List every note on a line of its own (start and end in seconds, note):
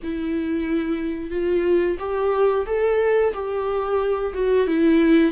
0.03 1.30 E4
1.30 1.97 F4
1.99 2.65 G4
2.66 3.33 A4
3.33 4.33 G4
4.33 4.67 F#4
4.67 5.32 E4